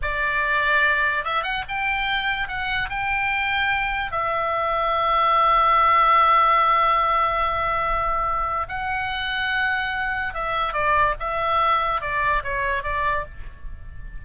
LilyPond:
\new Staff \with { instrumentName = "oboe" } { \time 4/4 \tempo 4 = 145 d''2. e''8 fis''8 | g''2 fis''4 g''4~ | g''2 e''2~ | e''1~ |
e''1~ | e''4 fis''2.~ | fis''4 e''4 d''4 e''4~ | e''4 d''4 cis''4 d''4 | }